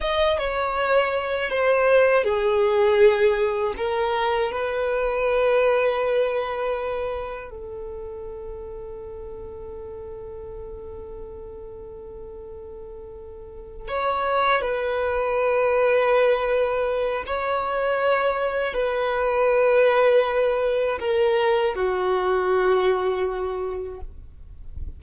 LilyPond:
\new Staff \with { instrumentName = "violin" } { \time 4/4 \tempo 4 = 80 dis''8 cis''4. c''4 gis'4~ | gis'4 ais'4 b'2~ | b'2 a'2~ | a'1~ |
a'2~ a'8 cis''4 b'8~ | b'2. cis''4~ | cis''4 b'2. | ais'4 fis'2. | }